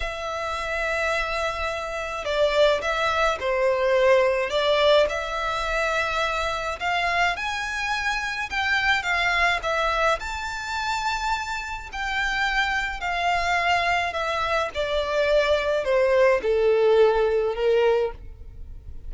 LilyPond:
\new Staff \with { instrumentName = "violin" } { \time 4/4 \tempo 4 = 106 e''1 | d''4 e''4 c''2 | d''4 e''2. | f''4 gis''2 g''4 |
f''4 e''4 a''2~ | a''4 g''2 f''4~ | f''4 e''4 d''2 | c''4 a'2 ais'4 | }